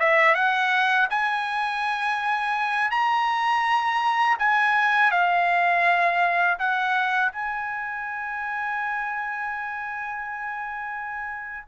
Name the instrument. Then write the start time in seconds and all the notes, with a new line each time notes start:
trumpet
0.00 E5
0.35 F#5
1.10 G#5
2.91 A#5
4.39 G#5
5.12 F5
6.59 F#5
7.32 G#5